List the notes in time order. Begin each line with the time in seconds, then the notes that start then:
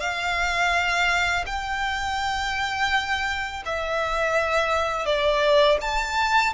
0.00 F5
1.46 G5
3.65 E5
5.06 D5
5.81 A5